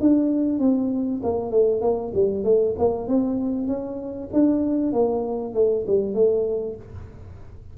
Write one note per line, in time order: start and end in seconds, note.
0.00 0.59 D4
0.59 1.21 C4
1.23 1.50 A#3
1.50 1.81 A3
1.81 2.12 A#3
2.14 2.44 G3
2.44 2.75 A3
2.78 3.07 A#3
3.07 3.67 C4
3.67 4.29 C#4
4.33 4.92 D4
4.92 5.54 A#3
5.54 5.85 A3
5.87 6.14 G3
6.14 6.76 A3